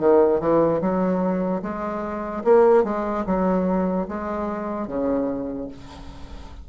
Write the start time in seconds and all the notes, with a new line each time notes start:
0.00 D#3
0.41 E3
0.81 F#3
1.63 G#3
2.45 A#3
2.84 G#3
3.27 F#3
4.08 G#3
4.88 C#3